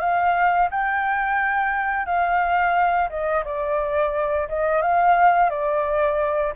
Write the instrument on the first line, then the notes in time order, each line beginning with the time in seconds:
flute
0.00 F5
0.71 G5
2.06 F5
3.09 D#5
3.45 D5
4.49 D#5
4.82 F5
5.50 D5